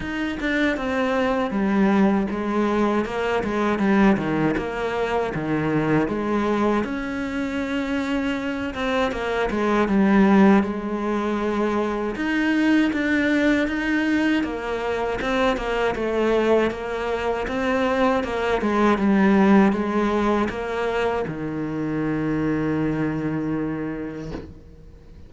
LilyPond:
\new Staff \with { instrumentName = "cello" } { \time 4/4 \tempo 4 = 79 dis'8 d'8 c'4 g4 gis4 | ais8 gis8 g8 dis8 ais4 dis4 | gis4 cis'2~ cis'8 c'8 | ais8 gis8 g4 gis2 |
dis'4 d'4 dis'4 ais4 | c'8 ais8 a4 ais4 c'4 | ais8 gis8 g4 gis4 ais4 | dis1 | }